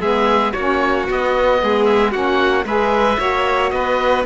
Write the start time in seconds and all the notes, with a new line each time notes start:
0.00 G#3 B3 G#4 E5
0.53 A#3 C#4 F#4 C#5
1.08 B3 D#5
1.62 G#3 G#4
1.85 E5
2.12 A#3 C#4 F#4 F#5
2.65 G#3 G#4 B4 E5
3.18 A#3 F#4 C#5
3.70 B3 B4 D#5